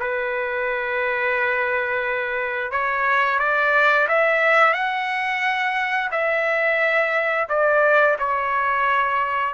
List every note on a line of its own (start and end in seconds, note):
0.00 2.71 B4
2.71 3.39 C#5
3.39 4.08 D5
4.08 4.74 E5
4.74 6.10 F#5
6.11 7.48 E5
7.49 8.17 D5
8.19 9.54 C#5